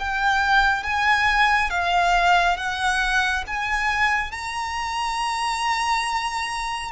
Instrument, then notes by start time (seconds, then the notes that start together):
violin
0.00 G5
0.84 G#5
1.70 F5
2.57 F#5
3.47 G#5
4.32 A#5